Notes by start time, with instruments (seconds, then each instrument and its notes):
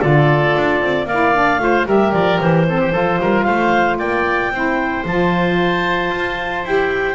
0.00 double bass D3, saxophone F4, oboe A4, clarinet D5
0.57 double bass D4
0.82 double bass C4
1.05 double bass A#3, saxophone E4, oboe D5, clarinet F5
1.35 saxophone D4
1.59 double bass A3, saxophone F4, oboe C5
1.86 double bass G3, saxophone G4, oboe A#4, clarinet E5
2.13 double bass F3, clarinet D5
2.41 double bass E3, clarinet C5
2.67 saxophone C4, oboe A4
2.81 oboe G4
2.93 double bass F3, saxophone F4, oboe A4
3.21 double bass G3, oboe A#4
3.43 double bass A3, oboe C5, clarinet F5
3.99 double bass A#3, oboe D5, clarinet G5
4.51 double bass C4, saxophone E4, oboe C5
5.05 double bass F3, saxophone F4, clarinet A5
6.11 double bass F4
6.65 double bass E4, saxophone G4, clarinet G5